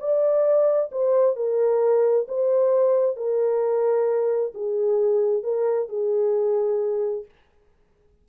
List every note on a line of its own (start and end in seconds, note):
0.00 0.91 D5
0.92 1.37 C5
1.37 2.27 A#4
2.29 3.17 C5
3.17 4.54 A#4
4.55 5.44 G#4
5.44 5.89 A#4
5.89 7.26 G#4